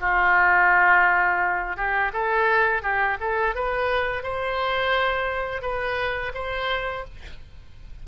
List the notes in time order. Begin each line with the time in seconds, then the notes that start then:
0.00 F4
1.76 G4
2.13 A4
2.82 G4
3.20 A4
3.55 B4
4.23 C5
5.61 B4
6.34 C5